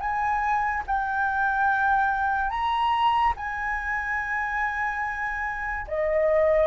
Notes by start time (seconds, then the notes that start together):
0.00 G#5
0.87 G5
2.50 A#5
3.36 G#5
5.87 D#5